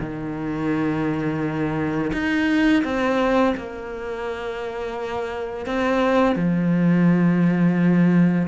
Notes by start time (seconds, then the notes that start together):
0.00 D#3
2.13 D#4
2.84 C4
3.56 A#3
5.66 C4
6.36 F3